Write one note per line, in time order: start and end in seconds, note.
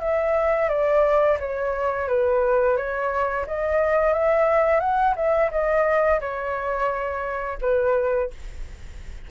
0.00 0.69 E5
0.69 1.38 D5
1.40 2.08 C#5
2.08 2.77 B4
2.77 3.46 C#5
3.47 4.13 D#5
4.13 4.80 E5
4.80 5.15 F#5
5.16 5.51 E5
5.51 6.20 D#5
6.21 7.59 C#5
7.62 8.31 B4